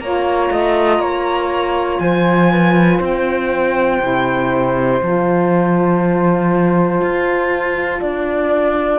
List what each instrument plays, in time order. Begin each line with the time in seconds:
0.00 cello A#3, saxophone F4, flute C#5, violin A#5
0.51 cello A3, flute D#5
0.99 cello A#3, flute C#5
2.00 cello F3, flute C5, violin G#5
2.51 flute B4
2.99 cello C4, flute C5
3.05 violin G5
4.00 cello C3, saxophone E4
5.02 cello F3, saxophone F4, violin A5
7.01 cello F4
8.00 cello D4, flute D5